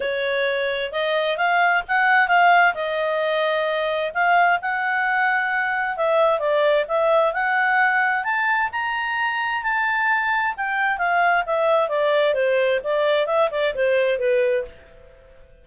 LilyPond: \new Staff \with { instrumentName = "clarinet" } { \time 4/4 \tempo 4 = 131 cis''2 dis''4 f''4 | fis''4 f''4 dis''2~ | dis''4 f''4 fis''2~ | fis''4 e''4 d''4 e''4 |
fis''2 a''4 ais''4~ | ais''4 a''2 g''4 | f''4 e''4 d''4 c''4 | d''4 e''8 d''8 c''4 b'4 | }